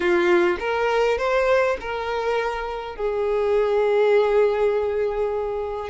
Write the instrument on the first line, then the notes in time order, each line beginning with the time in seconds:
violin
0.00 F4
0.59 A#4
1.18 C5
1.80 A#4
2.95 G#4